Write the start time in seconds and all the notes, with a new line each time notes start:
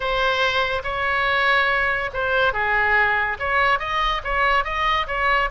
0.00 C5
0.83 C#5
2.13 C5
2.53 G#4
3.39 C#5
3.79 D#5
4.24 C#5
4.64 D#5
5.07 C#5